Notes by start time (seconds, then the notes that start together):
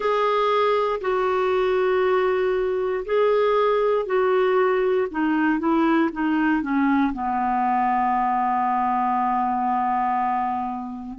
0.00 G#4
1.00 F#4
3.05 G#4
4.05 F#4
5.10 D#4
5.59 E4
6.12 D#4
6.61 C#4
7.13 B3